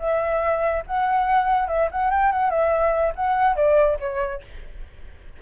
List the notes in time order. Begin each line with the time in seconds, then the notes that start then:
0.00 E5
0.87 F#5
1.68 E5
1.92 F#5
2.11 G5
2.32 F#5
2.51 E5
3.16 F#5
3.56 D5
4.00 C#5